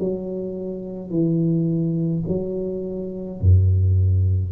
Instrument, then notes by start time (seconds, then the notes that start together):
tuba
0.00 F#3
1.10 E3
2.28 F#3
3.42 F#2